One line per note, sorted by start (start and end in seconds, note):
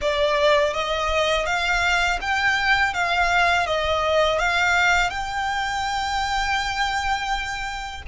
0.01 0.73 D5
0.73 1.46 D#5
1.46 2.19 F5
2.21 2.93 G5
2.93 3.66 F5
3.66 4.38 D#5
4.38 5.10 F5
5.10 8.02 G5